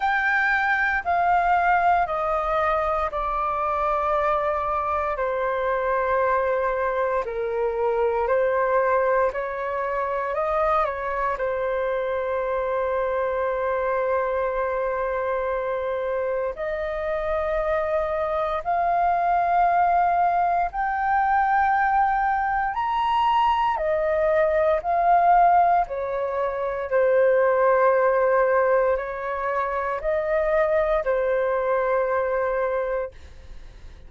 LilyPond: \new Staff \with { instrumentName = "flute" } { \time 4/4 \tempo 4 = 58 g''4 f''4 dis''4 d''4~ | d''4 c''2 ais'4 | c''4 cis''4 dis''8 cis''8 c''4~ | c''1 |
dis''2 f''2 | g''2 ais''4 dis''4 | f''4 cis''4 c''2 | cis''4 dis''4 c''2 | }